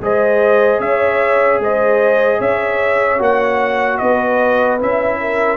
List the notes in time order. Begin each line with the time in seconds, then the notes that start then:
0.00 G#3 G#4 C5 D#5
0.80 C#4 C#5 E5
1.60 G#3 C5 D#5
2.39 C#4 C#5 E5
3.19 A#3 F#4 F#5
3.98 B3 B4 D#5
4.79 C#4 E4 E5
5.21 A#4